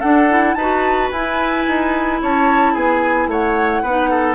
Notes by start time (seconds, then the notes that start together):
0.00 D4 A4 F#5
0.30 E4
0.54 D#4 B4 A5
0.60 F#4
1.11 E4 G#5
1.67 D#4
2.22 C#4 C#5 A5
2.73 B3 G#4 G#5
3.27 A3 C#5 F#5
3.83 B3 D#4 B4
4.10 A4